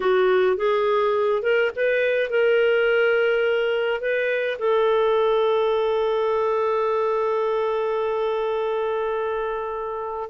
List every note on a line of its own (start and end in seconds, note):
0.00 0.56 F#4
0.56 1.42 G#4
1.42 1.71 A#4
1.75 2.30 B4
2.30 4.01 A#4
4.01 4.58 B4
4.58 10.29 A4